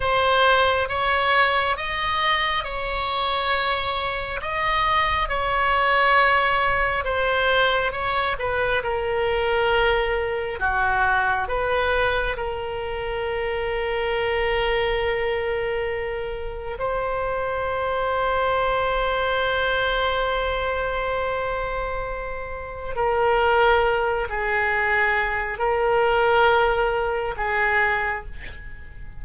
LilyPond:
\new Staff \with { instrumentName = "oboe" } { \time 4/4 \tempo 4 = 68 c''4 cis''4 dis''4 cis''4~ | cis''4 dis''4 cis''2 | c''4 cis''8 b'8 ais'2 | fis'4 b'4 ais'2~ |
ais'2. c''4~ | c''1~ | c''2 ais'4. gis'8~ | gis'4 ais'2 gis'4 | }